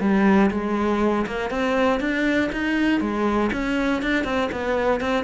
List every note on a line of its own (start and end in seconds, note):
0.00 0.50 G3
0.50 1.25 G#3
1.26 1.50 A#3
1.50 2.00 C4
2.00 2.50 D4
2.52 3.00 D#4
3.00 3.50 G#3
3.52 4.02 C#4
4.02 4.24 D4
4.24 4.49 C4
4.51 5.00 B3
5.00 5.24 C4